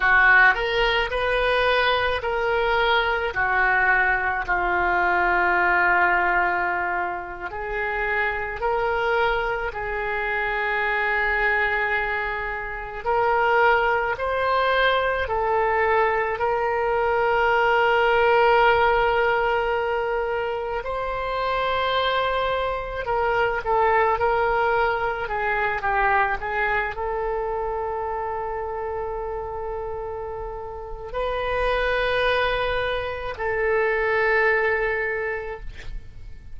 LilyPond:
\new Staff \with { instrumentName = "oboe" } { \time 4/4 \tempo 4 = 54 fis'8 ais'8 b'4 ais'4 fis'4 | f'2~ f'8. gis'4 ais'16~ | ais'8. gis'2. ais'16~ | ais'8. c''4 a'4 ais'4~ ais'16~ |
ais'2~ ais'8. c''4~ c''16~ | c''8. ais'8 a'8 ais'4 gis'8 g'8 gis'16~ | gis'16 a'2.~ a'8. | b'2 a'2 | }